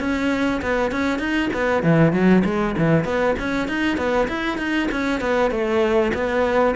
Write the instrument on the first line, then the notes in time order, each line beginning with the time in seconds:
cello
0.00 C#4
0.62 B3
0.92 C#4
1.19 D#4
1.54 B3
1.83 E3
2.13 F#3
2.45 G#3
2.78 E3
3.05 B3
3.39 C#4
3.68 D#4
3.98 B3
4.29 E4
4.58 D#4
4.92 C#4
5.21 B3
5.51 A3
6.14 B3